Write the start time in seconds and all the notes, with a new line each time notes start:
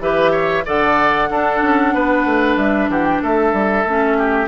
0.00 E3 G4 B4 E5
0.32 C#5
0.65 D3 A4 D5 F#5
1.29 D4 A4
1.62 C#4
1.94 B3 B4
2.25 A3
2.56 G3 E5
2.89 E3 G4 F#5
3.05 G5
3.22 A3 A4 E5
3.53 G3
3.85 A3 C#4
4.17 G4